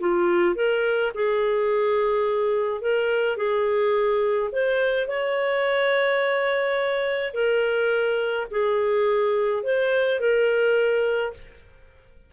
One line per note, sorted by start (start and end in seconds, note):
0.00 0.55 F4
0.55 1.12 A#4
1.14 2.81 G#4
2.81 3.37 A#4
3.37 4.50 G#4
4.52 5.08 C5
5.08 7.34 C#5
7.34 8.47 A#4
8.51 9.63 G#4
9.63 10.20 C5
10.20 11.33 A#4